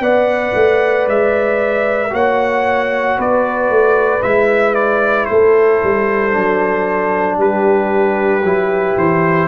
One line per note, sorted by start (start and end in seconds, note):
0.00 0.53 B3
0.00 2.10 B4
0.00 2.12 D5
0.00 1.07 F#5
0.55 1.07 A3
1.07 2.12 G#3
1.07 2.14 E5
2.10 3.17 A#3
2.10 4.20 F#4
2.10 3.18 C#5
2.10 3.20 F#5
3.18 3.70 B3
3.18 5.29 B4
3.18 4.23 D5
3.70 4.22 A3
4.22 5.29 G#3
4.22 6.31 E4
4.22 4.75 E5
4.75 5.25 D5
5.25 5.82 A3
5.25 7.38 A4
5.25 7.36 C5
5.83 6.36 G3
6.31 7.38 F#3
6.31 8.41 D4
7.38 8.43 G3
7.38 9.48 G4
7.38 8.98 B4
8.43 8.96 F#3
8.43 9.48 E4
8.97 9.48 E3
8.97 9.48 C5